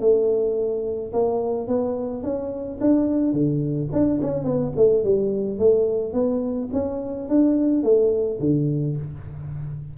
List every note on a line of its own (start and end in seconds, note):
0.00 1.12 A3
1.13 1.67 A#3
1.67 2.23 B3
2.23 2.79 C#4
2.81 3.33 D4
3.33 3.89 D3
3.92 4.20 D4
4.21 4.44 C#4
4.44 4.72 B3
4.76 5.04 A3
5.04 5.59 G3
5.59 6.13 A3
6.13 6.69 B3
6.73 7.28 C#4
7.28 7.83 D4
7.83 8.39 A3
8.40 8.96 D3